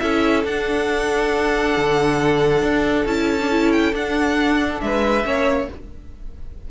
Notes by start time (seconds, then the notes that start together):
0.00 C#4 E4 A4 E5
0.44 D4 F#5
1.78 D3
2.63 D4
3.06 C#4 E4 A5
3.40 D4
3.51 E4
3.73 G5
3.93 D4 F#5
4.81 G#3 B4 E5
5.24 A#3 C#4 C#5